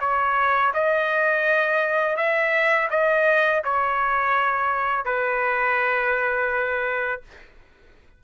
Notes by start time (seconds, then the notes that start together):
0.00 C#5
0.74 D#5
2.17 E5
2.90 D#5
3.64 C#5
5.05 B4